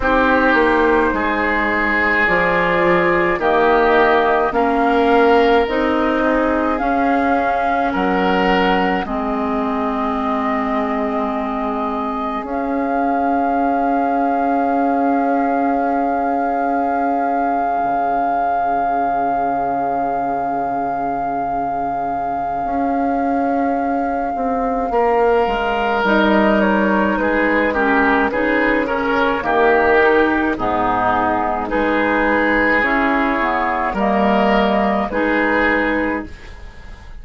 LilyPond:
<<
  \new Staff \with { instrumentName = "flute" } { \time 4/4 \tempo 4 = 53 c''2 d''4 dis''4 | f''4 dis''4 f''4 fis''4 | dis''2. f''4~ | f''1~ |
f''1~ | f''2. dis''8 cis''8 | b'8 ais'8 b'8 cis''8 ais'4 gis'4 | b'4 cis''4 dis''4 b'4 | }
  \new Staff \with { instrumentName = "oboe" } { \time 4/4 g'4 gis'2 g'4 | ais'4. gis'4. ais'4 | gis'1~ | gis'1~ |
gis'1~ | gis'2 ais'2 | gis'8 g'8 gis'8 ais'8 g'4 dis'4 | gis'2 ais'4 gis'4 | }
  \new Staff \with { instrumentName = "clarinet" } { \time 4/4 dis'2 f'4 ais4 | cis'4 dis'4 cis'2 | c'2. cis'4~ | cis'1~ |
cis'1~ | cis'2. dis'4~ | dis'8 cis'8 dis'8 cis'8 ais8 dis'8 b4 | dis'4 cis'8 b8 ais4 dis'4 | }
  \new Staff \with { instrumentName = "bassoon" } { \time 4/4 c'8 ais8 gis4 f4 dis4 | ais4 c'4 cis'4 fis4 | gis2. cis'4~ | cis'2.~ cis'8. cis16~ |
cis1 | cis'4. c'8 ais8 gis8 g4 | gis4 cis4 dis4 gis,4 | gis4 e'4 g4 gis4 | }
>>